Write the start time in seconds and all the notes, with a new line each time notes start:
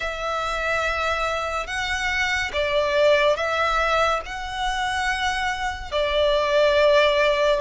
0.00 E5
1.66 F#5
2.52 D5
3.36 E5
4.25 F#5
5.91 D5